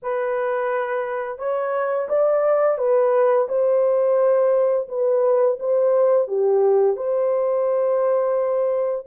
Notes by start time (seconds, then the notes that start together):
0.02 B4
1.38 C#5
2.09 D5
2.77 B4
3.48 C5
4.88 B4
5.59 C5
6.27 G4
6.96 C5